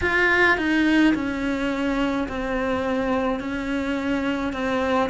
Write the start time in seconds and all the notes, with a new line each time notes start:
0.01 F4
0.57 D#4
1.14 C#4
2.28 C4
3.40 C#4
4.53 C4